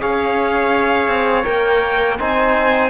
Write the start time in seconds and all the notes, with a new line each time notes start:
0.00 C#4 G#4 C#5 F5
1.07 C4
1.43 A#3 A#4 G5
2.19 C4 D#4 C5 G#5